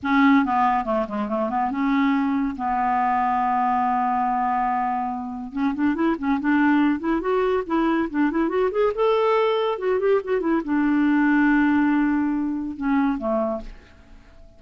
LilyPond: \new Staff \with { instrumentName = "clarinet" } { \time 4/4 \tempo 4 = 141 cis'4 b4 a8 gis8 a8 b8 | cis'2 b2~ | b1~ | b4 cis'8 d'8 e'8 cis'8 d'4~ |
d'8 e'8 fis'4 e'4 d'8 e'8 | fis'8 gis'8 a'2 fis'8 g'8 | fis'8 e'8 d'2.~ | d'2 cis'4 a4 | }